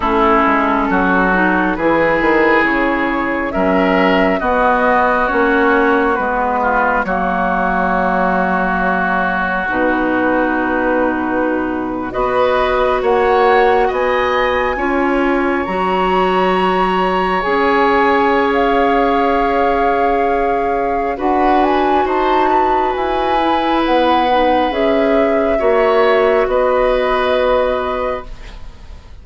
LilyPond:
<<
  \new Staff \with { instrumentName = "flute" } { \time 4/4 \tempo 4 = 68 a'2 b'4 cis''4 | e''4 dis''4 cis''4 b'4 | cis''2. b'4~ | b'4.~ b'16 dis''4 fis''4 gis''16~ |
gis''4.~ gis''16 ais''2 gis''16~ | gis''4 f''2. | fis''8 gis''8 a''4 gis''4 fis''4 | e''2 dis''2 | }
  \new Staff \with { instrumentName = "oboe" } { \time 4/4 e'4 fis'4 gis'2 | ais'4 fis'2~ fis'8 f'8 | fis'1~ | fis'4.~ fis'16 b'4 cis''4 dis''16~ |
dis''8. cis''2.~ cis''16~ | cis''1 | b'4 c''8 b'2~ b'8~ | b'4 cis''4 b'2 | }
  \new Staff \with { instrumentName = "clarinet" } { \time 4/4 cis'4. dis'8 e'2 | cis'4 b4 cis'4 b4 | ais2. dis'4~ | dis'4.~ dis'16 fis'2~ fis'16~ |
fis'8. f'4 fis'2 gis'16~ | gis'1 | fis'2~ fis'8 e'4 dis'8 | gis'4 fis'2. | }
  \new Staff \with { instrumentName = "bassoon" } { \time 4/4 a8 gis8 fis4 e8 dis8 cis4 | fis4 b4 ais4 gis4 | fis2. b,4~ | b,4.~ b,16 b4 ais4 b16~ |
b8. cis'4 fis2 cis'16~ | cis'1 | d'4 dis'4 e'4 b4 | cis'4 ais4 b2 | }
>>